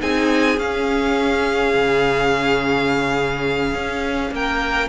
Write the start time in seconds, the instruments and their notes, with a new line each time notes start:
0.00 cello C4, viola D#4, violin G#4 G#5
0.58 cello C#4, viola C#4, violin F5
1.74 cello C#3
3.74 cello C#4
4.31 cello A#3, violin A#4 G5